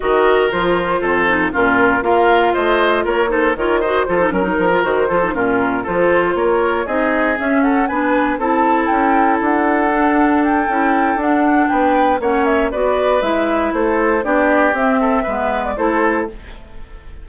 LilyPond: <<
  \new Staff \with { instrumentName = "flute" } { \time 4/4 \tempo 4 = 118 dis''4 c''2 ais'4 | f''4 dis''4 cis''8 c''8 cis''8 dis''8 | c''8 ais'4 c''4 ais'4 c''8~ | c''8 cis''4 dis''4 e''8 fis''8 gis''8~ |
gis''8 a''4 g''4 fis''4.~ | fis''8 g''4. fis''4 g''4 | fis''8 e''8 d''4 e''4 c''4 | d''4 e''4.~ e''16 d''16 c''4 | }
  \new Staff \with { instrumentName = "oboe" } { \time 4/4 ais'2 a'4 f'4 | ais'4 c''4 ais'8 a'8 ais'8 c''8 | a'8 ais'4. a'8 f'4 a'8~ | a'8 ais'4 gis'4. a'8 b'8~ |
b'8 a'2.~ a'8~ | a'2. b'4 | cis''4 b'2 a'4 | g'4. a'8 b'4 a'4 | }
  \new Staff \with { instrumentName = "clarinet" } { \time 4/4 fis'4 f'4. dis'8 cis'4 | f'2~ f'8 dis'8 f'8 fis'8 | f'16 dis'16 cis'16 dis'8 f'16 fis'8 f'16 dis'16 cis'4 f'8~ | f'4. dis'4 cis'4 d'8~ |
d'8 e'2. d'8~ | d'4 e'4 d'2 | cis'4 fis'4 e'2 | d'4 c'4 b4 e'4 | }
  \new Staff \with { instrumentName = "bassoon" } { \time 4/4 dis4 f4 f,4 ais,4 | ais4 a4 ais4 dis4 | f8 fis8 f8 dis8 f8 ais,4 f8~ | f8 ais4 c'4 cis'4 b8~ |
b8 c'4 cis'4 d'4.~ | d'4 cis'4 d'4 b4 | ais4 b4 gis4 a4 | b4 c'4 gis4 a4 | }
>>